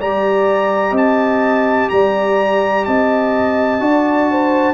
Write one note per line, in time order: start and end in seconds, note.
0.00 0.92 G3
0.00 3.80 G4
0.00 0.92 D5
0.00 0.96 A#5
0.92 1.87 C4
0.92 1.87 D#5
0.92 1.90 A5
1.90 2.87 G3
1.90 2.88 D5
1.90 2.85 A#5
2.85 3.80 C4
2.85 3.83 D#5
2.85 4.74 A5
3.80 4.74 D4
3.80 4.74 F#4
3.80 4.30 D5
4.31 4.74 C5